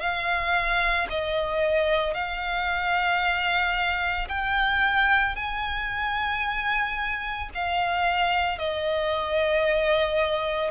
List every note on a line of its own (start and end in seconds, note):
0.00 1.07 F5
1.10 2.14 D#5
2.14 4.28 F5
4.28 5.35 G5
5.35 7.50 G#5
7.54 8.58 F5
8.58 10.71 D#5